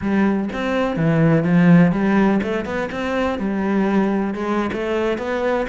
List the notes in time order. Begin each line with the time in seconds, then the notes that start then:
0.01 G3
0.52 C4
0.96 E3
1.44 F3
1.92 G3
2.42 A3
2.65 B3
2.91 C4
3.38 G3
4.34 G#3
4.73 A3
5.18 B3